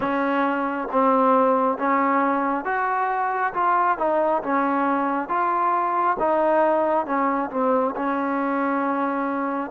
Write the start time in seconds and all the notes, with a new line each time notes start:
0.00 C#4
0.91 C4
1.78 C#4
2.65 F#4
3.53 F4
3.98 D#4
4.42 C#4
5.28 F4
6.19 D#4
7.05 C#4
7.50 C4
7.96 C#4